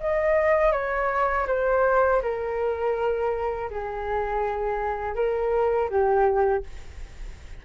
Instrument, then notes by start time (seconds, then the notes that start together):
flute
0.00 D#5
0.72 C#5
1.47 C5
2.22 A#4
3.70 G#4
5.15 A#4
5.90 G4